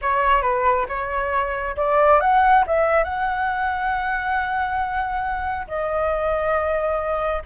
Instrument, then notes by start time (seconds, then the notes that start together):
flute
0.01 C#5
0.42 B4
0.88 C#5
1.76 D5
2.20 F#5
2.66 E5
3.04 F#5
5.67 D#5